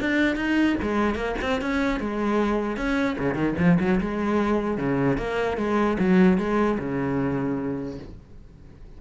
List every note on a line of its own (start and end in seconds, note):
0.00 0.36 D4
0.36 0.76 D#4
0.82 1.15 G#3
1.15 1.35 A#3
1.42 1.61 C4
1.61 2.00 C#4
2.00 2.77 G#3
2.77 3.17 C#4
3.19 3.34 C#3
3.34 3.54 D#3
3.58 3.78 F3
3.80 4.00 F#3
4.01 4.78 G#3
4.78 5.18 C#3
5.18 5.57 A#3
5.57 5.97 G#3
5.99 6.38 F#3
6.38 6.78 G#3
6.79 7.99 C#3